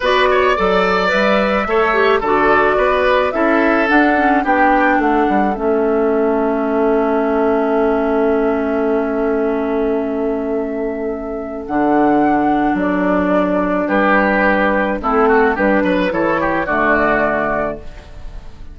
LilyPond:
<<
  \new Staff \with { instrumentName = "flute" } { \time 4/4 \tempo 4 = 108 d''2 e''2 | d''2 e''4 fis''4 | g''4 fis''4 e''2~ | e''1~ |
e''1~ | e''4 fis''2 d''4~ | d''4 b'2 a'4 | b'4 cis''4 d''2 | }
  \new Staff \with { instrumentName = "oboe" } { \time 4/4 b'8 cis''8 d''2 cis''4 | a'4 b'4 a'2 | g'4 a'2.~ | a'1~ |
a'1~ | a'1~ | a'4 g'2 e'8 fis'8 | g'8 b'8 a'8 g'8 fis'2 | }
  \new Staff \with { instrumentName = "clarinet" } { \time 4/4 fis'4 a'4 b'4 a'8 g'8 | fis'2 e'4 d'8 cis'8 | d'2 cis'2~ | cis'1~ |
cis'1~ | cis'4 d'2.~ | d'2. c'4 | d'4 e'4 a2 | }
  \new Staff \with { instrumentName = "bassoon" } { \time 4/4 b4 fis4 g4 a4 | d4 b4 cis'4 d'4 | b4 a8 g8 a2~ | a1~ |
a1~ | a4 d2 fis4~ | fis4 g2 a4 | g8 fis8 e4 d2 | }
>>